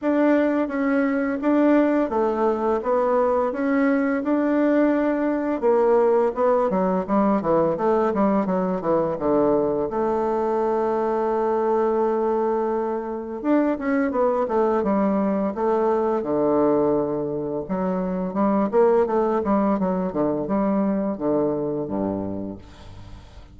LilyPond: \new Staff \with { instrumentName = "bassoon" } { \time 4/4 \tempo 4 = 85 d'4 cis'4 d'4 a4 | b4 cis'4 d'2 | ais4 b8 fis8 g8 e8 a8 g8 | fis8 e8 d4 a2~ |
a2. d'8 cis'8 | b8 a8 g4 a4 d4~ | d4 fis4 g8 ais8 a8 g8 | fis8 d8 g4 d4 g,4 | }